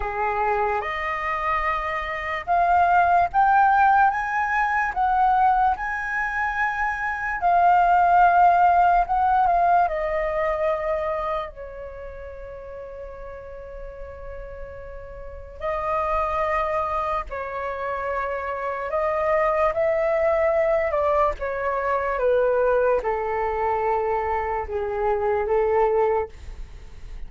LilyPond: \new Staff \with { instrumentName = "flute" } { \time 4/4 \tempo 4 = 73 gis'4 dis''2 f''4 | g''4 gis''4 fis''4 gis''4~ | gis''4 f''2 fis''8 f''8 | dis''2 cis''2~ |
cis''2. dis''4~ | dis''4 cis''2 dis''4 | e''4. d''8 cis''4 b'4 | a'2 gis'4 a'4 | }